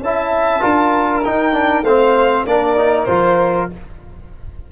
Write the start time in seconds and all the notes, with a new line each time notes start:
0.00 C#4 E4 E5 A5
0.61 D4 F4 A#4
1.24 D#4 G5
1.53 D4
1.82 A3 C4 C5 F5
2.46 A#3 D4 A#4 D5
2.77 D#4
3.05 F3 F4 C5